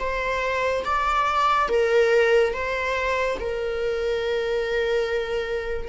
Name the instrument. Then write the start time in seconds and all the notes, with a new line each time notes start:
viola
0.00 C5
0.85 D5
1.69 A#4
2.54 C5
3.40 A#4